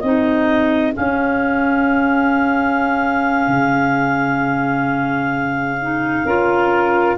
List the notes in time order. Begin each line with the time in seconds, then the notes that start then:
0.00 C4 D#4 G#4 D#5
0.92 C#4 F5
3.47 C#3
5.81 D#4
6.24 C#4 F4 A#4